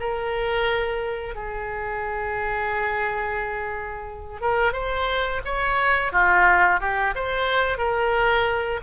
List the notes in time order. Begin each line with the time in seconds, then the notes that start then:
0.00 A#4
1.35 G#4
4.41 A#4
4.73 C5
5.45 C#5
6.13 F4
6.80 G4
7.15 C5
7.78 A#4